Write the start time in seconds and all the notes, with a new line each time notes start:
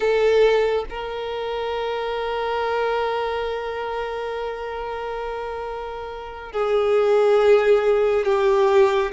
0.00 A4
0.89 A#4
6.52 G#4
8.25 G4